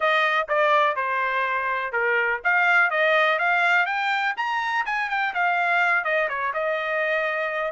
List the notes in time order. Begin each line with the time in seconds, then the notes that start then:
0.00 D#5
0.48 D5
0.96 C5
1.92 A#4
2.44 F5
2.90 D#5
3.38 F5
3.86 G5
4.37 A#5
4.85 G#5
5.09 G5
5.34 F5
6.04 D#5
6.28 C#5
6.53 D#5